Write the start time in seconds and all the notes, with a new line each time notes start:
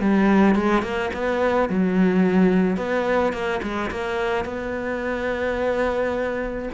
0.00 G3
0.55 G#3
0.82 A#3
1.14 B3
1.69 F#3
2.77 B3
3.33 A#3
3.62 G#3
3.91 A#3
4.45 B3